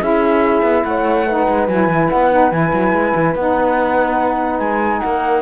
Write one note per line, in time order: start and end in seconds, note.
0.00 0.62 C#4
0.00 1.26 E4
0.00 0.83 G#4
0.00 0.84 E5
0.62 0.83 B3
0.84 1.47 A3
0.84 1.27 C#5
0.84 1.67 F#5
1.27 1.70 D#4
1.27 5.02 B4
1.48 1.68 G#3
1.67 1.88 F#3
1.67 2.31 E4
1.67 2.09 G#5
1.88 2.08 E3
2.09 2.51 B3
2.09 2.51 F#5
2.31 2.52 D#4
2.51 2.72 E3
2.51 3.35 E4
2.51 3.34 G#5
2.73 2.92 F#3
2.92 3.13 G#3
3.15 3.35 E3
3.35 4.59 B3
3.35 5.42 D#4
3.35 4.59 F#5
4.59 5.01 G#3
4.59 5.00 G#5
5.00 5.42 A#3
5.00 5.42 A#4
5.00 5.41 F#5